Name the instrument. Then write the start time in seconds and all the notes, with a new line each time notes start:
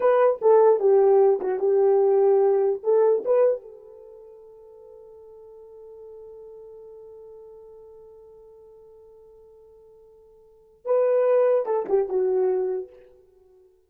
horn
0.00 B4
0.41 A4
0.79 G4
1.40 F#4
1.59 G4
2.83 A4
3.25 B4
3.61 A4
10.85 B4
11.65 A4
11.88 G4
12.08 F#4